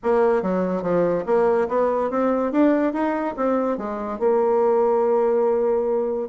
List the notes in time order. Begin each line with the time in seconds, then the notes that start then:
0.03 A#3
0.42 F#3
0.82 F3
1.26 A#3
1.68 B3
2.10 C4
2.52 D4
2.93 D#4
3.36 C4
3.77 G#3
4.19 A#3